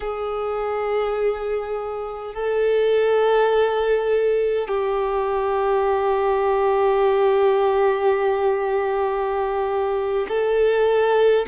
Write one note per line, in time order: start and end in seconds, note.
0.00 2.34 G#4
2.34 4.67 A4
4.67 10.27 G4
10.28 11.45 A4